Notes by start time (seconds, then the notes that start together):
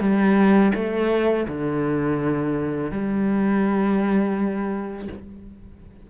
0.00 G3
0.75 A3
1.48 D3
2.91 G3